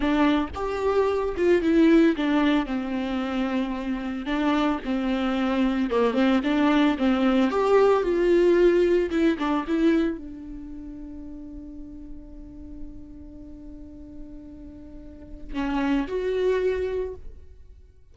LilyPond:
\new Staff \with { instrumentName = "viola" } { \time 4/4 \tempo 4 = 112 d'4 g'4. f'8 e'4 | d'4 c'2. | d'4 c'2 ais8 c'8 | d'4 c'4 g'4 f'4~ |
f'4 e'8 d'8 e'4 d'4~ | d'1~ | d'1~ | d'4 cis'4 fis'2 | }